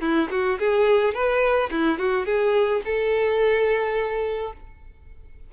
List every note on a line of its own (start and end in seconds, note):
0.00 0.28 E4
0.30 0.58 F#4
0.59 1.13 G#4
1.13 1.69 B4
1.71 1.98 E4
1.98 2.25 F#4
2.25 2.81 G#4
2.84 4.53 A4